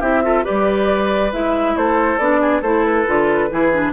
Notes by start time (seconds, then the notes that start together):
0.00 C4 E4 G4 E5
0.23 F4 A4
0.44 G3 G4 B4 D5
1.33 G#3 E4 E5
1.76 A3 A4 C5
2.18 B3 D4 D5
2.41 G#4
2.62 A3 E4 A4 C5
2.85 B4
3.06 D3 F4
3.50 E3 E4 G#4
3.73 D4